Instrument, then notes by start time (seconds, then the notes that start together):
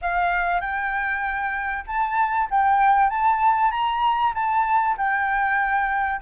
flute
0.01 F5
0.60 G5
1.86 A5
2.50 G5
3.09 A5
3.71 A#5
4.34 A5
4.97 G5